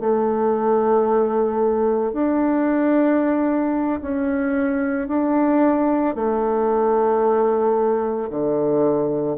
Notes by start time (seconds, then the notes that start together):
0.00 A3
2.13 D4
4.02 C#4
5.08 D4
6.16 A3
8.30 D3